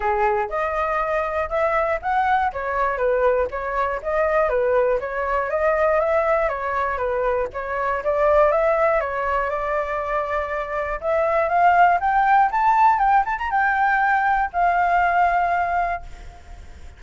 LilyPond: \new Staff \with { instrumentName = "flute" } { \time 4/4 \tempo 4 = 120 gis'4 dis''2 e''4 | fis''4 cis''4 b'4 cis''4 | dis''4 b'4 cis''4 dis''4 | e''4 cis''4 b'4 cis''4 |
d''4 e''4 cis''4 d''4~ | d''2 e''4 f''4 | g''4 a''4 g''8 a''16 ais''16 g''4~ | g''4 f''2. | }